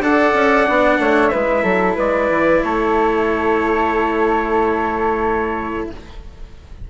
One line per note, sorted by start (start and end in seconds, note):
0.00 0.33 D4
0.00 0.66 A4
0.00 0.99 D5
0.00 1.28 F#5
0.33 0.66 C#4
0.66 0.98 B3
0.66 1.31 D4
0.98 1.31 A3
0.98 1.32 C#5
1.28 1.63 B4
1.28 1.93 E5
1.34 1.63 G#3
1.34 5.90 E4
1.63 1.96 F#3
1.63 1.96 A4
1.96 2.30 G#3
1.96 2.61 B4
1.96 2.64 D5
2.30 2.62 E3
2.63 5.89 A3
2.63 5.90 A4
2.63 5.90 C#5